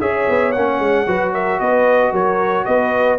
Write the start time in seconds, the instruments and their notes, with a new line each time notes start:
0.00 tuba C#4, trombone G#4, horn C#5, trumpet E5
0.29 tuba B3
0.52 tuba A#3, trombone C#4, trumpet F#5
0.79 tuba G#3
1.07 tuba F#3, trombone F#4, horn B4
1.33 horn A#4, trumpet E5
1.60 tuba B3, horn B4, trumpet D#5
2.12 tuba F#3, horn A#4, trumpet C#5
2.65 tuba B3, horn B4, trumpet D#5